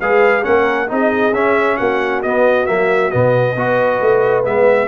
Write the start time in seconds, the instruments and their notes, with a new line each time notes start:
0.00 tuba G#3, trombone G#4, horn B4, trumpet F5
0.43 tuba A#3, trombone C#4, horn A#4, trumpet F#5
0.88 tuba C4, trombone D#4, horn G#4, trumpet D#5
1.32 tuba C#4, trombone C#4, trumpet E5
1.77 tuba A#3, horn F#4, trumpet F#5
2.22 tuba B3, trombone B3, trumpet D#5
2.66 tuba F#3, trombone A#3, trumpet E5
3.11 tuba B2, trombone B3, trumpet D#5
3.56 tuba B3, trombone F#4, horn B4
4.01 tuba A3
4.44 tuba G#3, trombone B3, trumpet E5